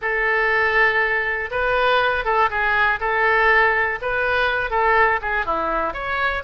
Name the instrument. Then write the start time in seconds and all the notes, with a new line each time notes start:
oboe
0.01 A4
1.50 B4
2.24 A4
2.50 G#4
3.00 A4
4.01 B4
4.70 A4
5.21 G#4
5.45 E4
5.93 C#5